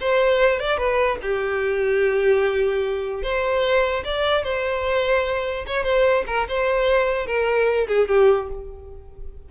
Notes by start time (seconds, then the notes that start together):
0.00 C5
0.59 D5
0.77 B4
1.22 G4
3.22 C5
4.04 D5
4.43 C5
5.66 C#5
5.83 C5
6.26 A#4
6.48 C5
7.26 A#4
7.87 G#4
8.08 G4